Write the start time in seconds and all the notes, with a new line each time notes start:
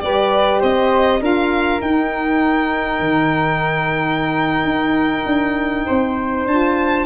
0.00 G3 G4 B4 D5
0.59 C4 C5 D#5
1.20 D4 F4 A#4 F5
1.81 D#4 G5
3.00 D#3
4.65 D#4
5.25 D4
5.86 C4 C5
6.46 D4 F4 A5